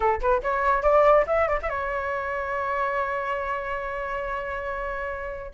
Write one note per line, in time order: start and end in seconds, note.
0.00 0.20 A4
0.20 0.42 B4
0.43 0.82 C#5
0.82 1.25 D5
1.26 1.48 E5
1.48 1.58 D5
1.62 1.69 E5
1.69 5.52 C#5